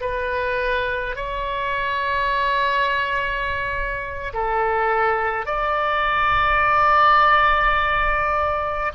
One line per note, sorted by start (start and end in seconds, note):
0.00 1.15 B4
1.15 4.33 C#5
4.33 5.45 A4
5.45 8.92 D5